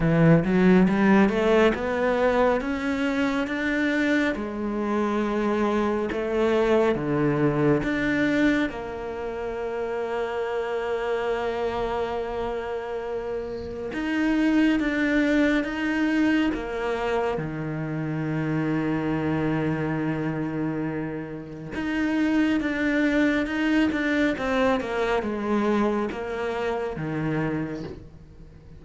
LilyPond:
\new Staff \with { instrumentName = "cello" } { \time 4/4 \tempo 4 = 69 e8 fis8 g8 a8 b4 cis'4 | d'4 gis2 a4 | d4 d'4 ais2~ | ais1 |
dis'4 d'4 dis'4 ais4 | dis1~ | dis4 dis'4 d'4 dis'8 d'8 | c'8 ais8 gis4 ais4 dis4 | }